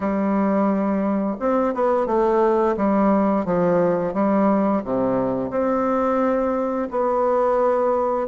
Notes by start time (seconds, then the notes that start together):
0.00 G3
1.39 C4
1.74 B3
2.06 A3
2.76 G3
3.45 F3
4.13 G3
4.84 C3
5.50 C4
6.90 B3